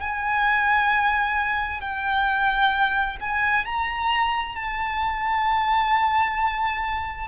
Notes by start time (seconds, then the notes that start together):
0.00 G#5
1.81 G5
3.21 G#5
3.65 A#5
4.56 A5